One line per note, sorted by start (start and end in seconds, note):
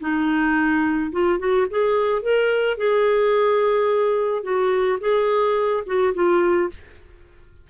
0.00 1.11 D#4
1.12 1.39 F4
1.39 1.66 F#4
1.70 2.22 G#4
2.22 2.77 A#4
2.77 4.43 G#4
4.43 4.98 F#4
5.00 5.83 G#4
5.86 6.14 F#4
6.14 6.70 F4